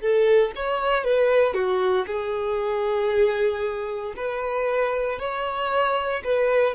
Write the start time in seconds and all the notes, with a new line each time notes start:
0.00 A4
0.55 C#5
1.04 B4
1.53 F#4
2.06 G#4
4.16 B4
5.19 C#5
6.24 B4